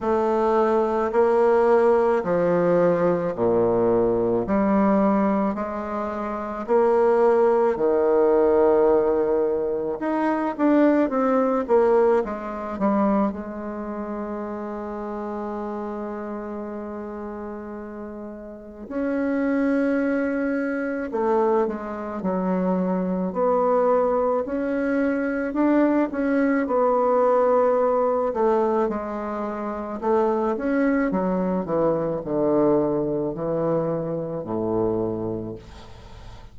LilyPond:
\new Staff \with { instrumentName = "bassoon" } { \time 4/4 \tempo 4 = 54 a4 ais4 f4 ais,4 | g4 gis4 ais4 dis4~ | dis4 dis'8 d'8 c'8 ais8 gis8 g8 | gis1~ |
gis4 cis'2 a8 gis8 | fis4 b4 cis'4 d'8 cis'8 | b4. a8 gis4 a8 cis'8 | fis8 e8 d4 e4 a,4 | }